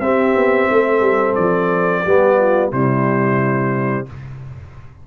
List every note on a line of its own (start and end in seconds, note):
0.00 0.34 C4
0.00 2.05 C4
0.00 0.70 G4
0.00 1.35 E5
0.35 0.68 B3
0.70 1.00 A3
0.70 2.03 A4
1.00 1.34 G3
1.35 2.05 F3
1.35 2.70 D5
2.03 2.72 G3
2.03 2.72 B3
2.03 2.37 G4
2.37 2.71 F4
2.71 4.06 C3
2.71 4.06 G3
2.71 4.06 E4
2.71 4.07 C5